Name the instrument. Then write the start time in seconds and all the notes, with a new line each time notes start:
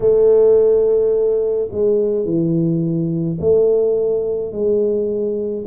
tuba
0.00 A3
1.71 G#3
2.25 E3
3.40 A3
4.51 G#3